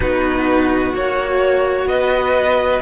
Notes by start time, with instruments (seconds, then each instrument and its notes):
0.00 cello B3 D#4, violin F#4 B4
0.94 cello A#3 F#4, violin C#5
1.86 cello B3, violin B4 D#5